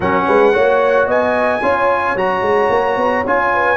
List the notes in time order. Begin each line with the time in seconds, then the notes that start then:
0.00 F#3 C#4 A#4 F#5
0.27 G#3 B4
0.52 A#3 F#4 C#5
1.07 B3 D#5 G#5
1.62 C#4 F4 C#5
2.15 F#3 F#4 A#5
2.41 G#3
2.69 A#3
2.96 B3
3.25 C#4 F4 G#5
3.53 B4